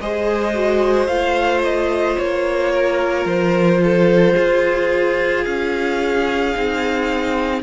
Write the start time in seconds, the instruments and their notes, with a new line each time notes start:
0.00 cello G#3, viola G#4, violin C5 D#5
0.55 viola F#4
1.07 cello A3, viola F4, violin F5
1.64 violin D#5
2.19 cello A#3, violin C#5
2.72 violin A#4
3.25 cello F3, violin C5
3.84 violin A4
4.34 cello F4, violin G#4
5.44 cello C#4, violin F5
6.54 cello C4, viola D#4